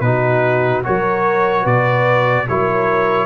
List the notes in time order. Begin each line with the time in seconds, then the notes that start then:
0.00 B2 D#4 F#4 B4
0.84 F#3 F#4 A#4 C#5
1.61 B2 B4 D5
2.48 F#3 E4 A#4 C#5